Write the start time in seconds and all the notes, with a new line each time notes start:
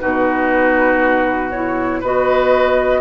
0.00 B2 D#4 F#4 B4
1.51 E4 C#5
2.01 B3 F#4 B4 D#5